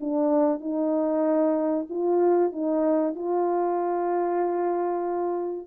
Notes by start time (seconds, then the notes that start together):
0.00 D4
0.60 D#4
1.89 F4
2.52 D#4
3.15 F4